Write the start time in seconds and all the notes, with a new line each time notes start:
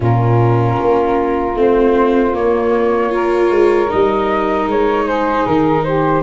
0.00 A#2 C#4 F4 A#4
0.80 A#3
1.55 A3 C4 C5
2.33 A#3 C#5
3.09 F4 A#4
3.50 G#3
3.88 G3 D#4 D#5
4.66 G#3 C#5
5.05 G#4 C5
5.46 D#3 A#4
5.83 G4 C5